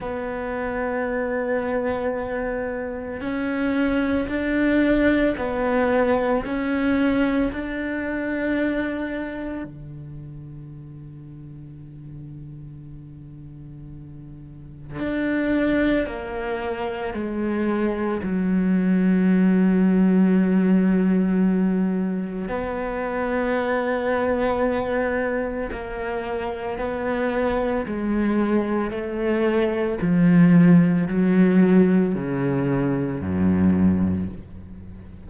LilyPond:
\new Staff \with { instrumentName = "cello" } { \time 4/4 \tempo 4 = 56 b2. cis'4 | d'4 b4 cis'4 d'4~ | d'4 d2.~ | d2 d'4 ais4 |
gis4 fis2.~ | fis4 b2. | ais4 b4 gis4 a4 | f4 fis4 cis4 fis,4 | }